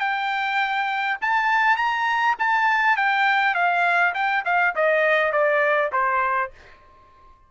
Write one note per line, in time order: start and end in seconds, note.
0.00 1.18 G5
1.22 1.77 A5
1.77 2.36 A#5
2.39 2.97 A5
2.97 3.55 G5
3.55 4.14 F5
4.14 4.44 G5
4.45 4.75 F5
4.75 5.32 D#5
5.32 5.91 D5
5.93 6.51 C5